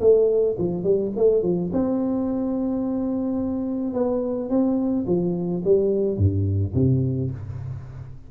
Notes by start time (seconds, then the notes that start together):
0.00 A3
0.58 F3
0.83 G3
1.16 A3
1.42 F3
1.73 C4
3.94 B3
4.49 C4
5.06 F3
5.64 G3
6.17 G2
6.74 C3